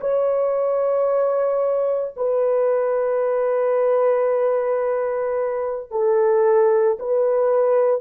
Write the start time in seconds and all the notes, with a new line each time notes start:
0.00 C#5
2.16 B4
5.91 A4
6.99 B4